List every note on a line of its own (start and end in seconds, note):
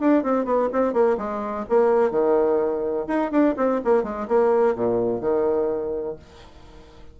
0.00 0.23 D4
0.23 0.45 C4
0.45 0.69 B3
0.72 0.93 C4
0.93 1.17 A#3
1.18 1.65 G#3
1.69 2.11 A#3
2.11 3.06 D#3
3.07 3.31 D#4
3.31 3.55 D4
3.57 3.81 C4
3.84 4.03 A#3
4.03 4.27 G#3
4.28 4.75 A#3
4.75 5.21 A#2
5.21 6.16 D#3